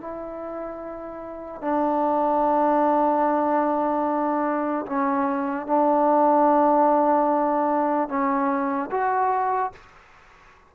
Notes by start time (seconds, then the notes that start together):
0.00 E4
1.61 D4
4.86 C#4
5.66 D4
8.09 C#4
8.91 F#4